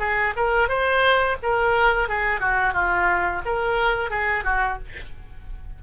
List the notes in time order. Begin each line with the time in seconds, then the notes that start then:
0.00 G#4
0.37 A#4
0.69 C5
1.43 A#4
2.09 G#4
2.41 F#4
2.74 F4
3.46 A#4
4.11 G#4
4.45 F#4